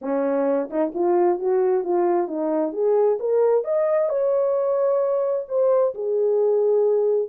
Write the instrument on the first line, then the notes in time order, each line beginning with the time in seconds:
horn
0.01 C#4
0.69 D#4
0.94 F4
1.39 F#4
1.83 F4
2.27 D#4
2.73 G#4
3.19 A#4
3.64 D#5
4.09 C#5
5.48 C5
5.94 G#4